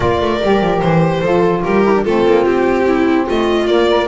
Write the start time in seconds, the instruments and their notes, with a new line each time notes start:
0.00 double bass A#3, saxophone F4, viola A#4, violin D5
0.20 double bass A3
0.42 double bass G3, saxophone G4
0.60 double bass F3
0.80 double bass E3, violin C5
1.20 double bass F3, saxophone F4, viola A4
1.63 double bass G3, viola G4, violin A#4
1.84 saxophone E4
1.94 saxophone D4
2.03 double bass A3, saxophone C4, viola F4, violin A4
2.26 double bass A#3
2.45 double bass C4, violin G4
2.87 viola E4
3.26 double bass A3, viola F4, violin D#5
3.66 double bass A#3, saxophone A#3, violin D5
3.90 saxophone A#4